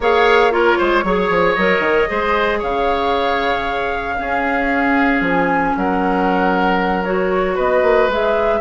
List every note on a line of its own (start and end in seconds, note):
0.00 0.76 A#3
0.00 0.51 G#4
0.00 0.52 C#5
0.00 0.52 F5
0.51 1.03 F4
0.51 0.77 A#4
0.51 1.55 C#5
0.77 1.03 G#3
0.77 1.04 C5
1.03 1.29 F#3
1.03 1.57 G#4
1.03 2.09 C#5
1.29 1.55 F3
1.55 1.79 F#3
1.55 2.07 A#4
1.55 2.59 D#5
1.79 2.05 D#3
2.07 2.62 G#3
2.07 4.16 G#4
2.07 2.58 C5
2.58 4.19 C#3
2.58 4.15 C#5
2.58 5.23 F5
4.18 7.05 C#4
4.18 5.20 C#4
4.18 5.76 G#4
5.20 5.72 F3
5.20 5.76 G#5
5.77 7.57 F#3
5.77 7.55 A#4
5.77 7.04 F#5
7.04 8.09 F#4
7.04 7.56 C#5
7.55 7.81 B3
7.55 8.59 B4
7.55 8.10 D#5
7.81 8.07 A#3
8.07 8.59 G#3
8.07 8.60 G#4
8.07 8.60 E5